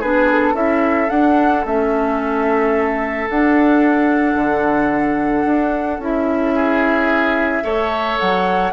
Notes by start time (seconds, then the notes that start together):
0.00 B3 D4 G#4 B4
0.32 A4
0.54 C#4 E4 A4 E5
1.08 D4 F#5
1.66 A3 C#4 E5
3.29 D4 F#5
4.35 D3
5.46 D4
5.99 C#4 E4 E5
6.55 G#4
7.63 A3 A4 C#5
8.19 F#3 F#5